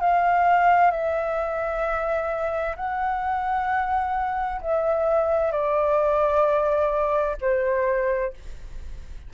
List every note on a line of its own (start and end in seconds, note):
0.00 0.91 F5
0.91 2.76 E5
2.76 4.61 F#5
4.61 5.52 E5
5.52 7.36 D5
7.41 8.33 C5